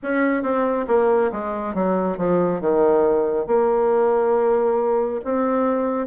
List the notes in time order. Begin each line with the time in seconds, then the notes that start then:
0.02 C#4
0.42 C4
0.87 A#3
1.32 G#3
1.74 F#3
2.17 F3
2.60 D#3
3.47 A#3
5.24 C4